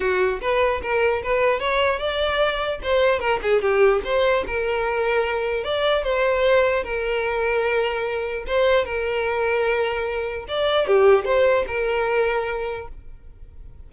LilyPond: \new Staff \with { instrumentName = "violin" } { \time 4/4 \tempo 4 = 149 fis'4 b'4 ais'4 b'4 | cis''4 d''2 c''4 | ais'8 gis'8 g'4 c''4 ais'4~ | ais'2 d''4 c''4~ |
c''4 ais'2.~ | ais'4 c''4 ais'2~ | ais'2 d''4 g'4 | c''4 ais'2. | }